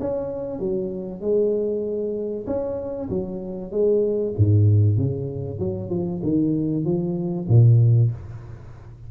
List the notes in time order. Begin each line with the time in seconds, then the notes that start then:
0.00 C#4
0.60 F#3
1.21 G#3
2.47 C#4
3.10 F#3
3.72 G#3
4.38 G#2
4.97 C#3
5.59 F#3
5.90 F3
6.23 D#3
6.85 F3
7.49 A#2